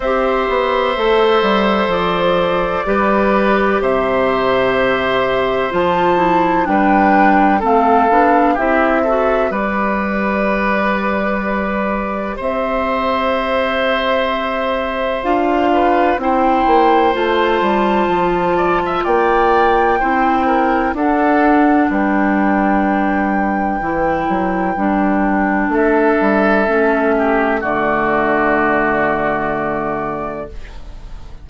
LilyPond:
<<
  \new Staff \with { instrumentName = "flute" } { \time 4/4 \tempo 4 = 63 e''2 d''2 | e''2 a''4 g''4 | f''4 e''4 d''2~ | d''4 e''2. |
f''4 g''4 a''2 | g''2 fis''4 g''4~ | g''2. e''4~ | e''4 d''2. | }
  \new Staff \with { instrumentName = "oboe" } { \time 4/4 c''2. b'4 | c''2. b'4 | a'4 g'8 a'8 b'2~ | b'4 c''2.~ |
c''8 b'8 c''2~ c''8 d''16 e''16 | d''4 c''8 ais'8 a'4 b'4~ | b'2. a'4~ | a'8 g'8 fis'2. | }
  \new Staff \with { instrumentName = "clarinet" } { \time 4/4 g'4 a'2 g'4~ | g'2 f'8 e'8 d'4 | c'8 d'8 e'8 fis'8 g'2~ | g'1 |
f'4 e'4 f'2~ | f'4 e'4 d'2~ | d'4 e'4 d'2 | cis'4 a2. | }
  \new Staff \with { instrumentName = "bassoon" } { \time 4/4 c'8 b8 a8 g8 f4 g4 | c2 f4 g4 | a8 b8 c'4 g2~ | g4 c'2. |
d'4 c'8 ais8 a8 g8 f4 | ais4 c'4 d'4 g4~ | g4 e8 fis8 g4 a8 g8 | a4 d2. | }
>>